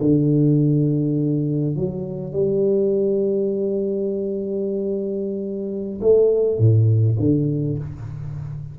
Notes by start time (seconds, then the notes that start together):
0.00 D3
1.76 F#3
2.33 G3
6.01 A3
6.59 A2
7.20 D3